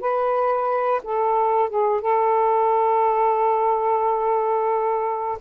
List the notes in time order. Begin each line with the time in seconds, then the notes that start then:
0.00 B4
1.03 A4
1.69 G#4
2.01 A4